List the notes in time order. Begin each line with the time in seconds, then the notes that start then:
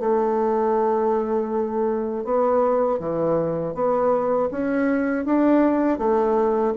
0.00 A3
2.25 B3
3.00 E3
3.75 B3
4.51 C#4
5.25 D4
5.99 A3